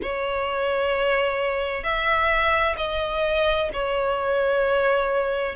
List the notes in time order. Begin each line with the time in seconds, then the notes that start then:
0.02 C#5
1.83 E5
2.77 D#5
3.73 C#5